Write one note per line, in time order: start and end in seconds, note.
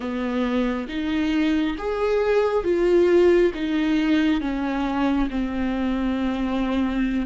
0.00 0.87 B3
0.88 1.76 D#4
1.78 2.64 G#4
2.64 3.52 F4
3.54 4.40 D#4
4.40 5.29 C#4
5.29 7.26 C4